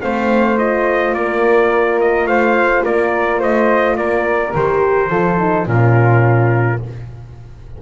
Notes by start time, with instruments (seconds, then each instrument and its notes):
0.00 double bass A3, horn C4, flute C5, trumpet F5
0.57 horn F4, trumpet D#5
1.14 double bass A#3, flute A#4, trumpet D5
2.01 trumpet D#5
2.25 double bass A3, flute C5, trumpet F5
2.84 double bass A#3, flute A#4, trumpet D5
3.39 double bass A3, flute C5, trumpet D#5
3.97 double bass A#3, flute A#4, trumpet D5
4.54 double bass D#3, horn G4, trumpet C5
5.10 double bass F3, horn F4, flute A4
5.39 horn D#4
5.66 double bass A#2, horn C#4, flute F4, trumpet A#4